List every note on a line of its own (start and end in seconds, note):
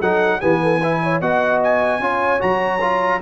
0.00 0.41 F#3
0.00 0.41 D#4
0.00 0.40 A4
0.00 0.41 F#5
0.41 1.21 E3
0.41 0.81 B3
0.41 0.61 G4
0.41 1.21 G#5
0.62 0.79 A4
0.79 1.22 E4
0.79 0.99 B4
1.03 1.21 C#5
1.21 2.00 B3
1.21 2.01 F#4
1.21 2.01 D#5
1.21 1.61 F#5
1.63 2.41 G#5
2.00 2.40 C#4
2.00 2.39 F4
2.00 3.21 C#5
2.39 3.21 F#3
2.39 2.79 F#4
2.39 3.21 A#5
2.81 3.21 F4